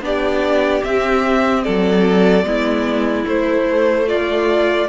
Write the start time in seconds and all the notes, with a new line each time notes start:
0.00 B3 D4 G4 D5
0.83 C4 E5
1.63 F#3 A4 D5
2.43 G#3 B3 E4
3.24 A3 C5
4.07 F4 D5